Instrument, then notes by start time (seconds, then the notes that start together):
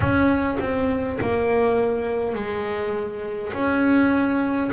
double bass
0.00 C#4
0.59 C4
1.20 A#3
2.34 G#3
3.53 C#4